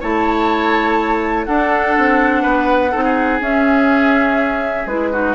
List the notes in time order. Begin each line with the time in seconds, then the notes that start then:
0.00 A3 E4 C#5 A5
1.45 D4 A4 F#5
1.97 C4
2.42 B3 B4
2.91 C4 D#4 A4
3.04 G#4
3.40 C#4 E5
4.86 G#3 E4 B4
5.12 D#4 F#4